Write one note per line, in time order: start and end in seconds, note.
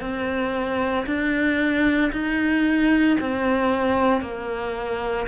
0.00 1.05 C4
1.06 2.11 D4
2.12 3.17 D#4
3.20 4.21 C4
4.21 5.26 A#3